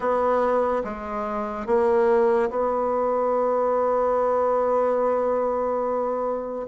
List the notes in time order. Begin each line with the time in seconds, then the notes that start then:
0.00 B3
0.83 G#3
1.66 A#3
2.50 B3